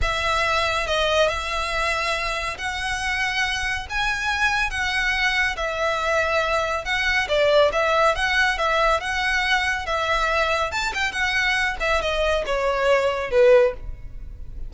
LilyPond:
\new Staff \with { instrumentName = "violin" } { \time 4/4 \tempo 4 = 140 e''2 dis''4 e''4~ | e''2 fis''2~ | fis''4 gis''2 fis''4~ | fis''4 e''2. |
fis''4 d''4 e''4 fis''4 | e''4 fis''2 e''4~ | e''4 a''8 g''8 fis''4. e''8 | dis''4 cis''2 b'4 | }